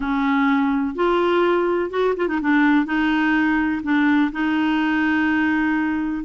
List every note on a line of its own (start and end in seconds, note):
0.00 0.95 C#4
0.95 1.90 F4
1.90 2.14 F#4
2.16 2.28 F4
2.28 2.40 D#4
2.41 2.85 D4
2.85 3.81 D#4
3.83 4.31 D4
4.32 6.24 D#4